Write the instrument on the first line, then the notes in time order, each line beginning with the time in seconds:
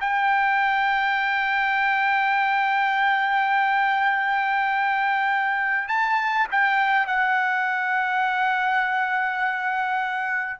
trumpet
0.00 G5
5.88 A5
6.51 G5
7.06 F#5